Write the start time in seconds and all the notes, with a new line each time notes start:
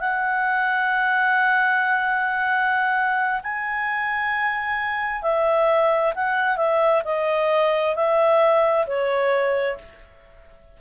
0.00 F#5
3.43 G#5
5.22 E5
6.15 F#5
6.57 E5
7.05 D#5
7.95 E5
8.86 C#5